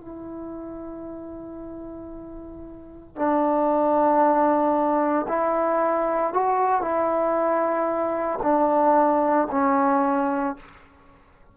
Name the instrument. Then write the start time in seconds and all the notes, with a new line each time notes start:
trombone
0.00 E4
3.15 D4
5.28 E4
6.33 F#4
6.81 E4
8.43 D4
9.51 C#4